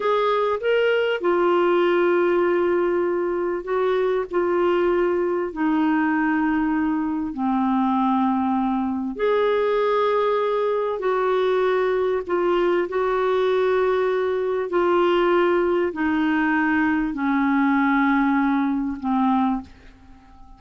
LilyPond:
\new Staff \with { instrumentName = "clarinet" } { \time 4/4 \tempo 4 = 98 gis'4 ais'4 f'2~ | f'2 fis'4 f'4~ | f'4 dis'2. | c'2. gis'4~ |
gis'2 fis'2 | f'4 fis'2. | f'2 dis'2 | cis'2. c'4 | }